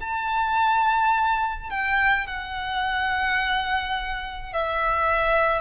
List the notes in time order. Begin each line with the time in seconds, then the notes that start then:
0.00 A5
1.70 G5
2.26 F#5
4.52 E5